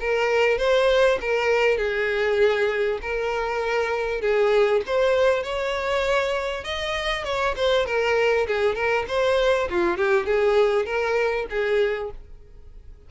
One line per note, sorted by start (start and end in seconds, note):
0.00 0.58 A#4
0.58 1.19 C5
1.21 1.78 A#4
1.78 2.99 G#4
3.02 4.21 A#4
4.21 4.82 G#4
4.87 5.43 C5
5.43 6.64 C#5
6.64 7.25 D#5
7.25 7.55 C#5
7.56 7.86 C5
7.86 8.47 A#4
8.47 8.75 G#4
8.75 9.06 A#4
9.08 9.69 C5
9.70 9.97 F4
9.97 10.26 G4
10.26 10.86 G#4
10.86 11.46 A#4
11.50 12.11 G#4